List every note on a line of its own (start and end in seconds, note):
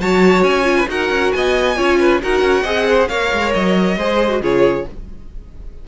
0.00 0.43 F#3
0.00 0.63 F#4
0.00 0.77 C#5
0.00 0.43 A5
0.43 0.87 C#4
0.43 0.87 G#5
0.63 0.85 F4
0.77 0.88 B4
0.87 1.09 D#4
0.87 1.76 F#4
0.87 1.35 A#4
0.87 1.32 F#5
1.09 1.31 C#4
1.32 1.78 B3
1.32 1.77 D#5
1.32 2.20 G#5
1.77 2.22 C#4
1.77 2.21 F4
1.77 1.99 C#5
1.99 2.21 B4
2.22 2.41 D#4
2.22 2.65 F#4
2.22 2.63 A#4
2.22 3.08 F#5
2.41 2.63 C#4
2.63 3.08 C4
2.63 3.09 G#4
2.63 2.85 D#5
2.89 3.09 C5
3.08 3.31 A#3
3.08 3.98 A#4
3.08 3.97 C#5
3.08 3.52 F5
3.32 3.54 G#3
3.54 3.97 F#3
3.54 4.42 D#5
3.97 4.41 G#3
3.97 4.30 G#4
3.97 4.41 C5
4.30 4.41 F#4
4.41 4.85 C#3
4.41 4.86 F4
4.41 4.85 G#4
4.41 4.87 C#5